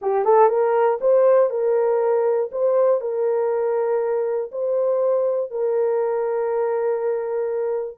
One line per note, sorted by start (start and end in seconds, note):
0.01 0.25 G4
0.25 0.49 A4
0.49 0.99 A#4
1.00 1.50 C5
1.50 2.50 A#4
2.51 3.00 C5
3.00 4.50 A#4
4.51 5.50 C5
5.50 7.97 A#4